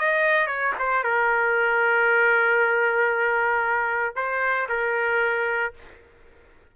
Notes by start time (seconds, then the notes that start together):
0.00 D#5
0.47 C#5
0.79 C5
1.04 A#4
4.16 C5
4.70 A#4